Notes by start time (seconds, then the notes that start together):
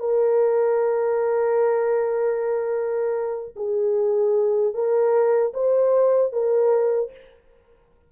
0.00 A#4
3.56 G#4
4.74 A#4
5.54 C5
6.32 A#4